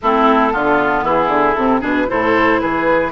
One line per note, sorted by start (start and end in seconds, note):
0.01 0.54 A3
0.01 0.50 C4
0.01 0.52 E4
0.01 1.06 A4
0.50 1.02 D3
0.50 1.55 B3
0.50 1.04 F4
1.02 1.28 E3
1.02 1.80 E4
1.02 1.54 G#4
1.28 1.54 D3
1.54 1.82 C3
1.54 1.81 C4
1.54 1.81 A4
1.80 2.08 B2
1.80 2.07 D4
1.80 2.06 G#4
1.80 2.09 B4
2.07 2.62 A2
2.07 3.12 E4
2.07 2.61 A4
2.07 2.60 C5
2.60 3.12 E3
2.60 3.12 G#4
2.60 3.12 B4